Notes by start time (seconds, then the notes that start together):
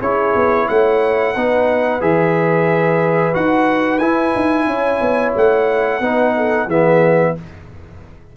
0.00 C#4 E4 G#4 C#5
0.35 B3
0.68 A3 C#5 F#5
1.34 B3 D#4 B4
2.00 E3 G#4 E5
3.33 D#4 F#4 F#5
3.98 E4 G#5
4.35 D#4
4.66 C#4 C#5
5.01 B3
5.36 A3 F#5
6.00 B3 D#4 B4
6.36 A4
6.66 E3 B3 G#4 E5